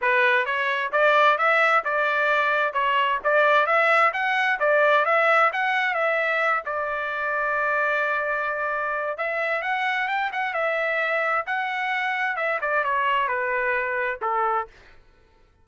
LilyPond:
\new Staff \with { instrumentName = "trumpet" } { \time 4/4 \tempo 4 = 131 b'4 cis''4 d''4 e''4 | d''2 cis''4 d''4 | e''4 fis''4 d''4 e''4 | fis''4 e''4. d''4.~ |
d''1 | e''4 fis''4 g''8 fis''8 e''4~ | e''4 fis''2 e''8 d''8 | cis''4 b'2 a'4 | }